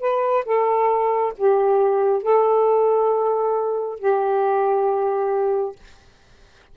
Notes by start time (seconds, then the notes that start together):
0.00 B4
0.45 A4
1.37 G4
2.23 A4
3.99 G4